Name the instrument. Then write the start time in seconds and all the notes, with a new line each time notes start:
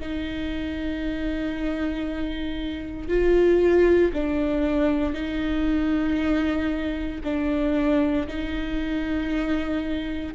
viola
0.00 D#4
3.08 F4
4.13 D4
5.14 D#4
7.24 D4
8.28 D#4